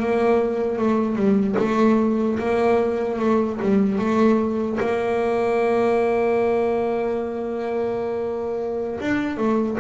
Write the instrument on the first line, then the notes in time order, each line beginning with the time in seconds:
double bass
0.00 A#3
0.78 A3
1.16 G3
1.59 A3
2.39 A#3
3.19 A3
3.62 G3
3.99 A3
4.80 A#3
9.01 D4
9.37 A3